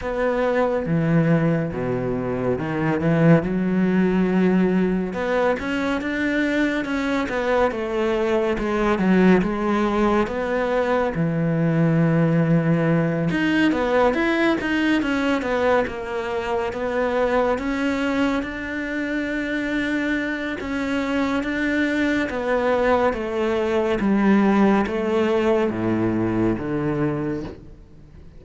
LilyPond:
\new Staff \with { instrumentName = "cello" } { \time 4/4 \tempo 4 = 70 b4 e4 b,4 dis8 e8 | fis2 b8 cis'8 d'4 | cis'8 b8 a4 gis8 fis8 gis4 | b4 e2~ e8 dis'8 |
b8 e'8 dis'8 cis'8 b8 ais4 b8~ | b8 cis'4 d'2~ d'8 | cis'4 d'4 b4 a4 | g4 a4 a,4 d4 | }